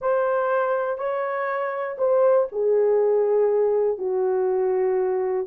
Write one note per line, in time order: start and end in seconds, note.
0.01 0.97 C5
0.97 1.97 C#5
1.97 2.47 C5
2.52 3.98 G#4
3.98 5.46 F#4